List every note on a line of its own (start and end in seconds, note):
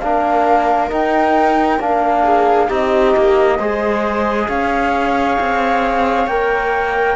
0.00 0.91 A#3
0.00 0.89 D4
0.00 2.24 A#4
0.00 0.90 F5
0.89 1.79 D#4
0.89 1.80 D#4
0.89 1.82 G5
1.80 2.69 A#3
1.80 2.68 D4
1.80 2.70 F5
2.24 2.68 G#4
2.68 3.15 C4
2.68 3.58 D#4
2.68 3.57 G4
2.68 4.49 D#5
3.17 3.59 A#3
3.59 4.49 G#3
3.59 6.29 G#4
3.59 4.49 C5
4.49 5.38 C#4
4.49 7.16 C#5
4.49 6.27 F5
5.40 6.27 C4
6.27 7.16 A#3
6.27 7.16 A#4
6.27 7.16 G5